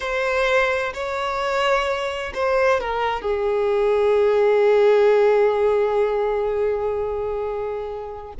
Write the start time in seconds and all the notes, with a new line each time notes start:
0.00 C5
0.93 C#5
2.34 C5
2.80 A#4
3.21 G#4